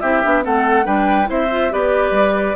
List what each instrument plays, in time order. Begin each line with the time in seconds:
0.00 bassoon C4, clarinet E4, oboe G4, flute E5
0.23 bassoon B3, clarinet D4
0.42 bassoon A3, clarinet C4, oboe A4, flute F#5
0.84 bassoon G3, clarinet D4, oboe B4, flute G5
1.25 bassoon C4, clarinet E4, oboe C5, flute E5
1.51 clarinet F4
1.71 bassoon B3, clarinet G4, oboe B4, flute D5
2.11 bassoon G3